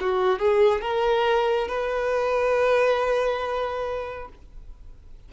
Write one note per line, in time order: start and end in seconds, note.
0.00 0.39 F#4
0.39 0.81 G#4
0.81 1.68 A#4
1.68 4.29 B4